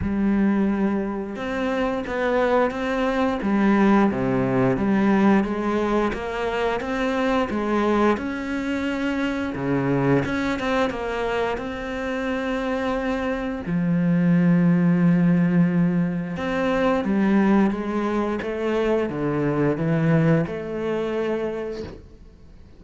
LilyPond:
\new Staff \with { instrumentName = "cello" } { \time 4/4 \tempo 4 = 88 g2 c'4 b4 | c'4 g4 c4 g4 | gis4 ais4 c'4 gis4 | cis'2 cis4 cis'8 c'8 |
ais4 c'2. | f1 | c'4 g4 gis4 a4 | d4 e4 a2 | }